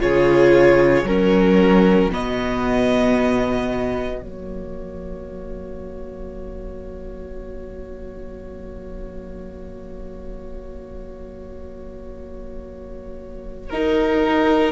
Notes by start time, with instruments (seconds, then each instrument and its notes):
0.00 cello C#3, viola F4, violin G#4 C#5
1.04 cello F#3, viola C#4, violin F#4 A#4
2.11 cello B2, viola B3, violin D#5
4.21 cello F#3, viola A#3, violin C#5
13.70 viola D#4, violin A#4